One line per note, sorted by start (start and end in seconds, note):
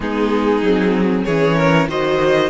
0.00 0.62 G#3
0.00 0.62 B3
0.00 1.24 D#4
0.00 1.24 G#4
0.62 1.25 F#3
0.62 1.27 C4
1.24 1.88 E3
1.24 1.88 C#4
1.24 1.56 G#4
1.24 1.87 C#5
1.56 1.87 A#4
1.88 2.49 D#3
1.88 2.49 F#4
1.88 2.49 C5
1.88 2.49 D#5